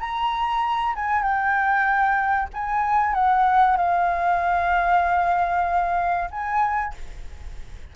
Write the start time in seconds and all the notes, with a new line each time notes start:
0.00 A#5
0.95 G#5
1.22 G5
2.53 G#5
3.14 F#5
3.77 F5
6.30 G#5